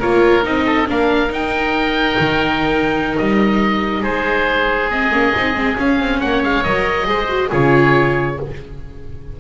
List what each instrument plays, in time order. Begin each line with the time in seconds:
0.00 double bass A#3, viola F4, oboe A#4 C#5
0.44 double bass C4, viola D#4, oboe D#5
0.66 oboe A4
0.88 double bass A#3, viola D4, oboe A#4 F5
1.29 viola D#4, double bass D#4, oboe G5
2.20 double bass D#3
3.18 double bass G3, oboe D#5
4.02 double bass G#3, oboe G#4 C5
4.91 viola C4, oboe D#5
5.12 double bass A#3, viola C#4
5.37 double bass C4, viola D#4
5.55 double bass G#3, viola C4
5.78 viola C#4, double bass C#4, oboe F5
6.00 double bass C4
6.20 double bass A#3, oboe C#5 F#5
6.44 double bass G#3, oboe F5
6.64 double bass F#3, viola A#4, oboe D#5
7.06 double bass G#3, viola G#4, oboe C5
7.29 viola F#4
7.49 double bass C#3, viola F4, oboe G#4 C#5